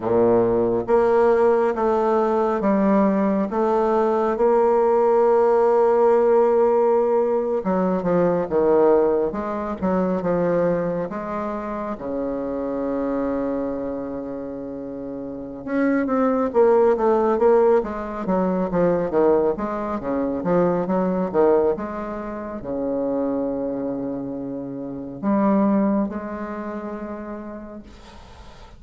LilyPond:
\new Staff \with { instrumentName = "bassoon" } { \time 4/4 \tempo 4 = 69 ais,4 ais4 a4 g4 | a4 ais2.~ | ais8. fis8 f8 dis4 gis8 fis8 f16~ | f8. gis4 cis2~ cis16~ |
cis2 cis'8 c'8 ais8 a8 | ais8 gis8 fis8 f8 dis8 gis8 cis8 f8 | fis8 dis8 gis4 cis2~ | cis4 g4 gis2 | }